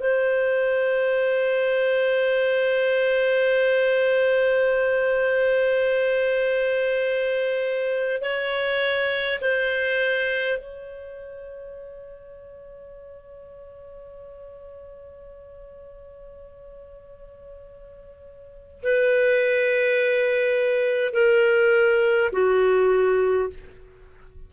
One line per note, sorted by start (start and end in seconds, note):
0.00 8.22 C5
8.22 9.40 C#5
9.41 10.58 C5
10.58 18.82 C#5
18.82 21.13 B4
21.13 22.31 A#4
22.32 23.50 F#4